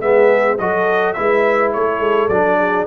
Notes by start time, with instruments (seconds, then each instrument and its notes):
0.00 tuba G#3, trombone B3, horn G#4, trumpet E5
0.58 tuba F#3, trombone F#4, horn A4, trumpet D#5
1.13 tuba G#3, trombone E4, horn B4, trumpet E5
1.73 tuba A3, horn A4, trumpet C#5
2.00 tuba G#3
2.29 tuba F#3, trombone D4, trumpet D5
2.58 horn G#4